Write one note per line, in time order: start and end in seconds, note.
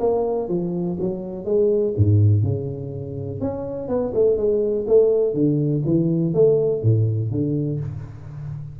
0.00 0.49 A#3
0.49 0.97 F3
1.00 1.45 F#3
1.45 1.94 G#3
1.97 2.43 G#2
2.43 3.41 C#3
3.41 3.88 C#4
3.88 4.13 B3
4.14 4.37 A3
4.37 4.86 G#3
4.88 5.34 A3
5.34 5.82 D3
5.86 6.34 E3
6.34 6.83 A3
6.83 7.31 A2
7.31 7.80 D3